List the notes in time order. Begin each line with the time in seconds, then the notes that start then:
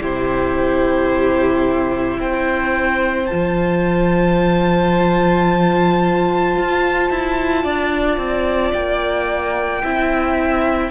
0.00 C3 E4 G4 C5
2.19 C4 C5 G5
3.26 F3 F4 A5
6.57 F4
7.10 E4
7.63 D4 D5
8.17 C4
8.73 A#3 G5
9.83 C4 E4 E5